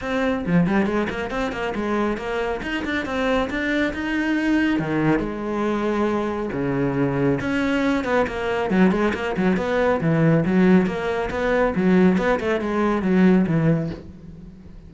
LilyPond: \new Staff \with { instrumentName = "cello" } { \time 4/4 \tempo 4 = 138 c'4 f8 g8 gis8 ais8 c'8 ais8 | gis4 ais4 dis'8 d'8 c'4 | d'4 dis'2 dis4 | gis2. cis4~ |
cis4 cis'4. b8 ais4 | fis8 gis8 ais8 fis8 b4 e4 | fis4 ais4 b4 fis4 | b8 a8 gis4 fis4 e4 | }